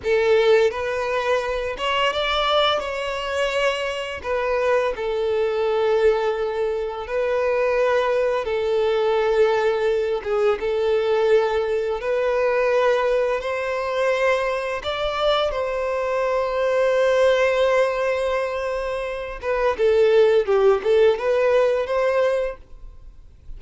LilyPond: \new Staff \with { instrumentName = "violin" } { \time 4/4 \tempo 4 = 85 a'4 b'4. cis''8 d''4 | cis''2 b'4 a'4~ | a'2 b'2 | a'2~ a'8 gis'8 a'4~ |
a'4 b'2 c''4~ | c''4 d''4 c''2~ | c''2.~ c''8 b'8 | a'4 g'8 a'8 b'4 c''4 | }